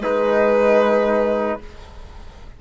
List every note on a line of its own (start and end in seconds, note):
0.00 1.58 G#3
0.00 1.61 D#4
0.00 1.60 B4